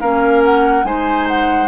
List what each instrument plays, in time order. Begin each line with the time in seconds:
0.00 bassoon A#3, clarinet C#4, oboe A#4, flute F5
0.44 flute F#5
0.84 bassoon G#3, clarinet D#4, oboe C5, flute G#5
1.28 flute F#5